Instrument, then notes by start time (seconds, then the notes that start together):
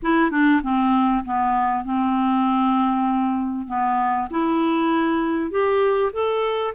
clarinet
0.02 E4
0.30 D4
0.62 C4
1.24 B3
1.84 C4
3.67 B3
4.30 E4
5.50 G4
6.12 A4